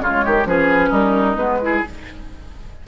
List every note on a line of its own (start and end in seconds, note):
0.00 0.23 C#3
0.00 0.46 G#3
0.00 0.24 F4
0.00 0.46 C#5
0.24 0.45 D#3
0.24 0.47 G4
0.45 0.90 F3
0.45 1.37 C#4
0.45 0.89 G#4
0.45 0.92 B4
0.89 1.36 G3
0.89 1.57 D#4
0.89 1.36 A#4
1.36 1.82 G#3
1.36 1.60 B3
1.36 1.81 B4
1.61 1.84 E4
1.61 1.87 G#4